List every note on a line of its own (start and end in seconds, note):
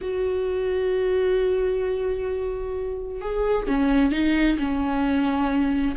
0.01 3.21 F#4
3.21 3.67 G#4
3.67 4.11 C#4
4.11 4.57 D#4
4.58 5.95 C#4